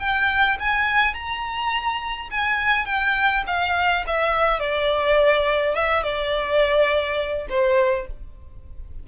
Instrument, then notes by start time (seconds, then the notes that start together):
violin
0.00 G5
0.60 G#5
1.14 A#5
2.31 G#5
2.86 G5
3.47 F5
4.07 E5
4.60 D5
5.75 E5
6.03 D5
7.49 C5